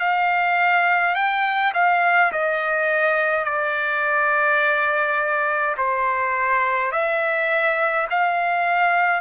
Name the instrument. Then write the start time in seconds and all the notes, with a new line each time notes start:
trumpet
0.00 F5
1.15 G5
1.74 F5
2.32 D#5
3.45 D5
5.77 C5
6.92 E5
8.10 F5